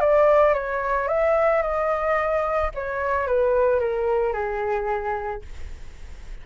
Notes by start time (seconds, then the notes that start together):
0.00 D5
0.54 C#5
1.08 E5
1.62 D#5
2.75 C#5
3.27 B4
3.80 A#4
4.33 G#4